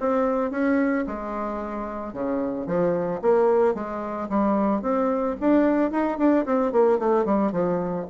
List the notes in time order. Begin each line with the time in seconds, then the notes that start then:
0.00 C4
0.51 C#4
1.07 G#3
2.14 C#3
2.67 F3
3.22 A#3
3.75 G#3
4.29 G3
4.82 C4
5.41 D4
5.92 D#4
6.18 D4
6.46 C4
6.72 A#3
6.99 A3
7.26 G3
7.52 F3